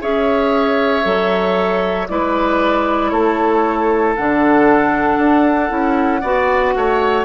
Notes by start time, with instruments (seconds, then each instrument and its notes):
0.00 bassoon C#4, clarinet G#4, oboe C#5, flute E5
1.03 bassoon F#3, clarinet A4
2.09 bassoon G#3, clarinet E4, oboe B4, flute D5
3.10 bassoon A3, oboe A4, flute C#5
4.16 bassoon D3, clarinet D4, flute F#5
5.18 bassoon D4
5.69 bassoon C#4, clarinet E4
6.21 bassoon B3, clarinet F#4, oboe D5
6.76 bassoon A3, oboe C#5